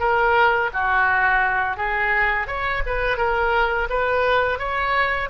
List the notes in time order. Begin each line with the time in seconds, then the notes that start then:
0.00 A#4
0.73 F#4
1.77 G#4
2.48 C#5
2.86 B4
3.18 A#4
3.90 B4
4.59 C#5